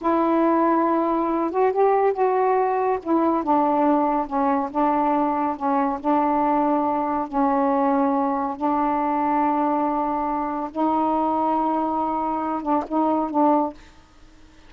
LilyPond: \new Staff \with { instrumentName = "saxophone" } { \time 4/4 \tempo 4 = 140 e'2.~ e'8 fis'8 | g'4 fis'2 e'4 | d'2 cis'4 d'4~ | d'4 cis'4 d'2~ |
d'4 cis'2. | d'1~ | d'4 dis'2.~ | dis'4. d'8 dis'4 d'4 | }